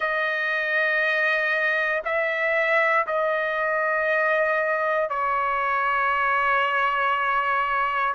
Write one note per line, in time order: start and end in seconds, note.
0.00 2.02 D#5
2.04 3.06 E5
3.06 5.09 D#5
5.09 8.14 C#5